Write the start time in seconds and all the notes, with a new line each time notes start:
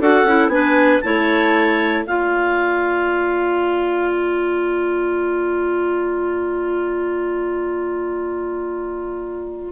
0.00 D4 F#4 A4 F#5
0.24 C#4 E4
0.48 B3 D4 B4 G#5
1.01 A3 E4 C#5 A5
2.05 A#3 F4 D5 F5
4.12 A#5